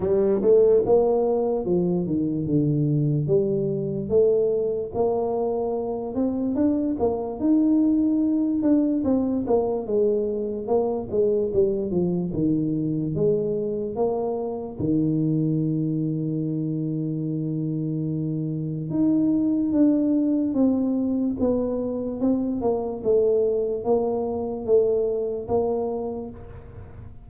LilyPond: \new Staff \with { instrumentName = "tuba" } { \time 4/4 \tempo 4 = 73 g8 a8 ais4 f8 dis8 d4 | g4 a4 ais4. c'8 | d'8 ais8 dis'4. d'8 c'8 ais8 | gis4 ais8 gis8 g8 f8 dis4 |
gis4 ais4 dis2~ | dis2. dis'4 | d'4 c'4 b4 c'8 ais8 | a4 ais4 a4 ais4 | }